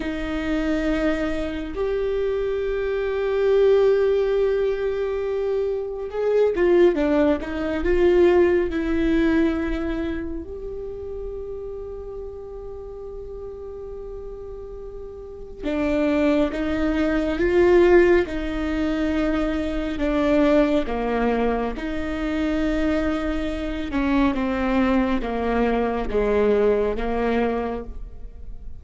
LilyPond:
\new Staff \with { instrumentName = "viola" } { \time 4/4 \tempo 4 = 69 dis'2 g'2~ | g'2. gis'8 f'8 | d'8 dis'8 f'4 e'2 | g'1~ |
g'2 d'4 dis'4 | f'4 dis'2 d'4 | ais4 dis'2~ dis'8 cis'8 | c'4 ais4 gis4 ais4 | }